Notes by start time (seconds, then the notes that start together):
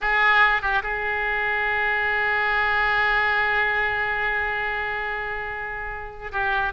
0.01 G#4
0.62 G4
0.83 G#4
6.32 G4